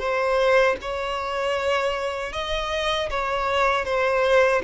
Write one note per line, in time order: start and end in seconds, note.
0.00 0.77 C5
0.82 2.33 C#5
2.33 3.10 D#5
3.10 3.85 C#5
3.85 4.62 C5